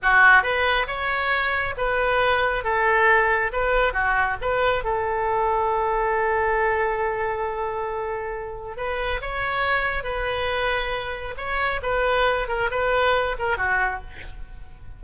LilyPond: \new Staff \with { instrumentName = "oboe" } { \time 4/4 \tempo 4 = 137 fis'4 b'4 cis''2 | b'2 a'2 | b'4 fis'4 b'4 a'4~ | a'1~ |
a'1 | b'4 cis''2 b'4~ | b'2 cis''4 b'4~ | b'8 ais'8 b'4. ais'8 fis'4 | }